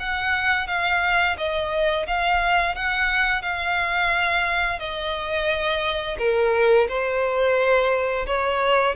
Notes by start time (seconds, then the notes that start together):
0.00 F#5
0.68 F5
1.38 D#5
2.07 F5
2.76 F#5
3.42 F5
4.80 D#5
6.19 A#4
6.89 C5
8.27 C#5